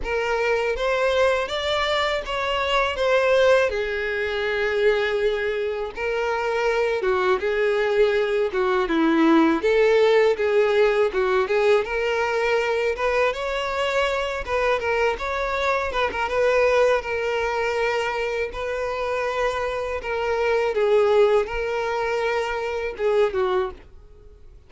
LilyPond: \new Staff \with { instrumentName = "violin" } { \time 4/4 \tempo 4 = 81 ais'4 c''4 d''4 cis''4 | c''4 gis'2. | ais'4. fis'8 gis'4. fis'8 | e'4 a'4 gis'4 fis'8 gis'8 |
ais'4. b'8 cis''4. b'8 | ais'8 cis''4 b'16 ais'16 b'4 ais'4~ | ais'4 b'2 ais'4 | gis'4 ais'2 gis'8 fis'8 | }